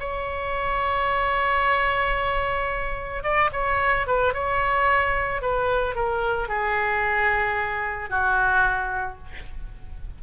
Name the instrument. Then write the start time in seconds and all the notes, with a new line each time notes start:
oboe
0.00 C#5
3.24 D5
3.53 C#5
4.07 B4
4.34 C#5
5.42 B4
5.96 A#4
6.49 G#4
8.10 F#4